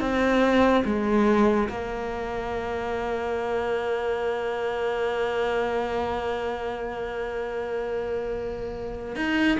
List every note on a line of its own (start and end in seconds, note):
0.00 0.83 C4
0.85 1.69 G#3
1.69 9.16 A#3
9.16 9.58 D#4